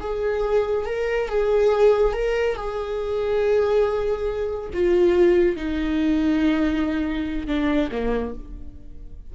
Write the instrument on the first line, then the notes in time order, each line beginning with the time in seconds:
viola
0.00 G#4
0.85 A#4
1.28 G#4
2.13 A#4
2.56 G#4
4.73 F4
5.56 D#4
7.47 D4
7.91 A#3